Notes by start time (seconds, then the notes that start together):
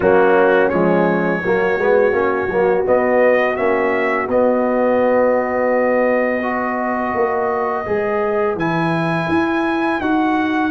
0.00 F#3 A#3 C#4 F#4
0.69 F3 G#3 C#5
1.44 F#3 A#3 F#4
1.77 G#3 B3
2.12 A#3 C#4
2.49 F#3 A#3
2.85 B3 D#5
3.56 A#3 C#4 E5
4.27 B3 D#5
6.42 F#4 B4
7.14 A#3
7.85 G#3 G#4
8.55 E3 E4 G#5
9.28 E4
10.00 D#4 F#4 F#5